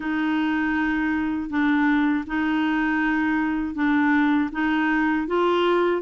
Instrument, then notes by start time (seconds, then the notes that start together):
clarinet
0.00 D#4
1.49 D4
2.26 D#4
3.75 D4
4.52 D#4
5.27 F4